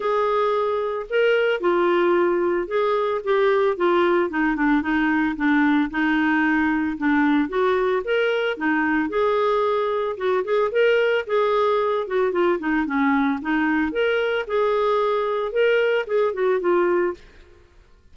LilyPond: \new Staff \with { instrumentName = "clarinet" } { \time 4/4 \tempo 4 = 112 gis'2 ais'4 f'4~ | f'4 gis'4 g'4 f'4 | dis'8 d'8 dis'4 d'4 dis'4~ | dis'4 d'4 fis'4 ais'4 |
dis'4 gis'2 fis'8 gis'8 | ais'4 gis'4. fis'8 f'8 dis'8 | cis'4 dis'4 ais'4 gis'4~ | gis'4 ais'4 gis'8 fis'8 f'4 | }